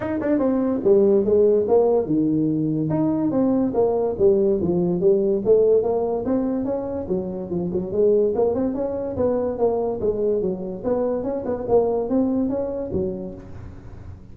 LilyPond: \new Staff \with { instrumentName = "tuba" } { \time 4/4 \tempo 4 = 144 dis'8 d'8 c'4 g4 gis4 | ais4 dis2 dis'4 | c'4 ais4 g4 f4 | g4 a4 ais4 c'4 |
cis'4 fis4 f8 fis8 gis4 | ais8 c'8 cis'4 b4 ais4 | gis4 fis4 b4 cis'8 b8 | ais4 c'4 cis'4 fis4 | }